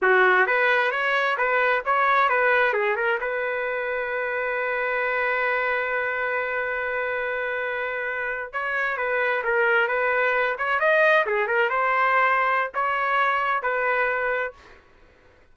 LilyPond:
\new Staff \with { instrumentName = "trumpet" } { \time 4/4 \tempo 4 = 132 fis'4 b'4 cis''4 b'4 | cis''4 b'4 gis'8 ais'8 b'4~ | b'1~ | b'1~ |
b'2~ b'8. cis''4 b'16~ | b'8. ais'4 b'4. cis''8 dis''16~ | dis''8. gis'8 ais'8 c''2~ c''16 | cis''2 b'2 | }